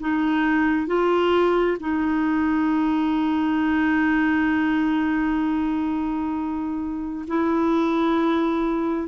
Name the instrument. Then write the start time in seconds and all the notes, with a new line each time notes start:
clarinet
0.00 D#4
0.87 F4
1.80 D#4
7.28 E4